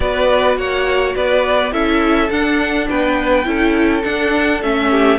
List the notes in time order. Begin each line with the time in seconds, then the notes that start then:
0.00 B3 F#4 B4 D5
0.57 A#3 C#5 F#5
1.15 B3 B4 D5
1.72 C#4 E4 A4 E5
2.30 D4 F#5
2.89 B3 B4 G5
3.45 C#4 E4 A4
4.03 D4 F#5
4.62 A3 C#4 E5
4.90 G4